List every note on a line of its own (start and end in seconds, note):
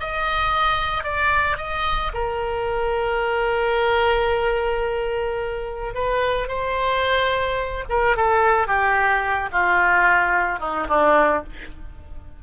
0.00 1.04 D#5
1.04 1.57 D5
1.57 2.12 D#5
2.13 5.95 A#4
5.95 6.48 B4
6.48 7.84 C5
7.89 8.16 A#4
8.16 8.68 A4
8.68 9.49 G4
9.52 10.60 F4
10.60 10.87 D#4
10.89 11.43 D4